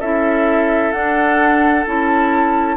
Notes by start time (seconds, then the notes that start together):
0.00 C#4 E4 A4 E5
0.92 D4 F#5
1.86 C#4 E4 A5